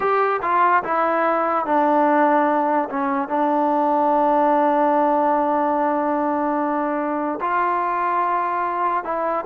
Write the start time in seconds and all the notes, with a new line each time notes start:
0.00 G4
0.41 F4
0.83 E4
1.65 D4
2.89 C#4
3.28 D4
7.40 F4
9.03 E4